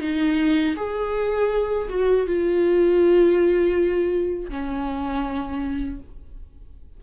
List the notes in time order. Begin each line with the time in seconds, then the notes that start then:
0.00 D#4
0.76 G#4
1.89 F#4
2.26 F4
4.49 C#4